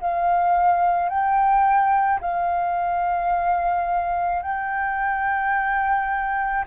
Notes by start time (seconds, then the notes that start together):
0.00 F5
1.09 G5
2.20 F5
4.42 G5